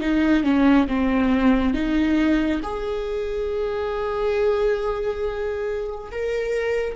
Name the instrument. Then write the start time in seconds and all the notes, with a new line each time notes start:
viola
0.00 D#4
0.43 C#4
0.87 C4
1.74 D#4
2.63 G#4
6.11 A#4